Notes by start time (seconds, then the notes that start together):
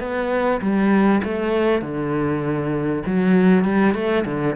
0.00 B3
0.61 G3
1.24 A3
1.82 D3
3.06 F#3
3.65 G3
3.95 A3
4.25 D3